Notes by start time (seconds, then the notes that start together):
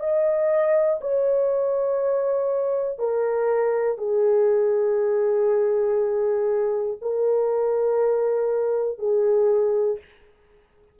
0.00 D#5
1.01 C#5
2.99 A#4
3.98 G#4
7.01 A#4
8.99 G#4